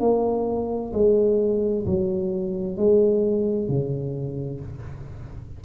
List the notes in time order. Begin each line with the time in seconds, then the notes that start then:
0.00 A#3
0.93 G#3
1.86 F#3
2.77 G#3
3.68 C#3